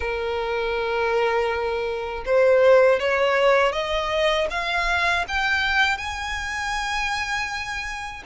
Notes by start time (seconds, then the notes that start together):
0.00 A#4
2.25 C5
2.99 C#5
3.72 D#5
4.50 F5
5.27 G5
5.97 G#5